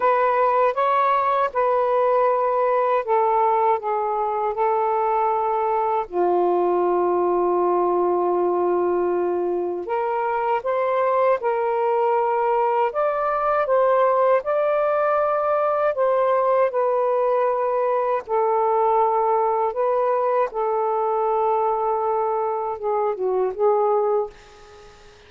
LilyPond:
\new Staff \with { instrumentName = "saxophone" } { \time 4/4 \tempo 4 = 79 b'4 cis''4 b'2 | a'4 gis'4 a'2 | f'1~ | f'4 ais'4 c''4 ais'4~ |
ais'4 d''4 c''4 d''4~ | d''4 c''4 b'2 | a'2 b'4 a'4~ | a'2 gis'8 fis'8 gis'4 | }